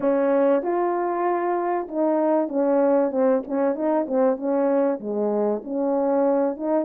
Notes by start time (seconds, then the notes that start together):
0.00 C#4
0.62 F4
1.88 D#4
2.48 C#4
3.11 C4
3.47 C#4
3.75 D#4
4.07 C4
4.36 C#4
4.99 G#3
5.64 C#4
6.56 D#4